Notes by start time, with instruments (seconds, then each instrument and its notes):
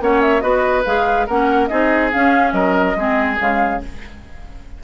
0.00 bassoon A#3, clarinet C#4, oboe C#5, flute F#5
0.21 flute E5
0.40 bassoon B3, clarinet F#4, oboe B4, flute D#5
0.85 bassoon G#3, clarinet G#4, flute F5
1.26 bassoon A#3, clarinet C#4, oboe A#4, flute F#5
1.67 bassoon C4, clarinet D#4, oboe G#4, flute D#5
2.12 clarinet C#4, bassoon C#4, flute F5
2.52 bassoon F#3, oboe A#4, flute D#5
2.96 bassoon G#3, clarinet C4, oboe G#4
3.37 bassoon C#3, clarinet G#3, flute F5